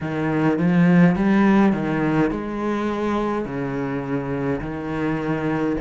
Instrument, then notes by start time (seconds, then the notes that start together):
cello
0.00 D#3
0.58 F3
1.15 G3
1.73 D#3
2.30 G#3
3.45 C#3
4.60 D#3